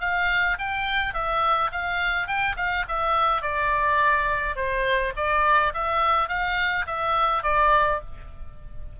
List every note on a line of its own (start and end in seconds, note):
0.00 0.57 F5
0.58 1.14 G5
1.14 1.71 E5
1.71 2.27 F5
2.27 2.56 G5
2.56 2.85 F5
2.88 3.41 E5
3.41 4.55 D5
4.55 5.12 C5
5.16 5.73 D5
5.74 6.28 E5
6.28 6.85 F5
6.86 7.43 E5
7.43 8.00 D5